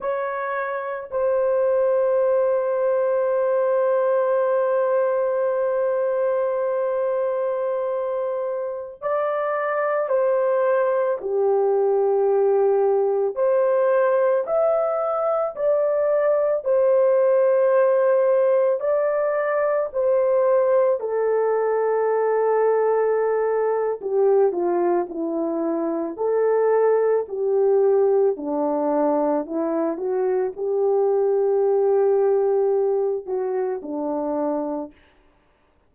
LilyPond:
\new Staff \with { instrumentName = "horn" } { \time 4/4 \tempo 4 = 55 cis''4 c''2.~ | c''1~ | c''16 d''4 c''4 g'4.~ g'16~ | g'16 c''4 e''4 d''4 c''8.~ |
c''4~ c''16 d''4 c''4 a'8.~ | a'2 g'8 f'8 e'4 | a'4 g'4 d'4 e'8 fis'8 | g'2~ g'8 fis'8 d'4 | }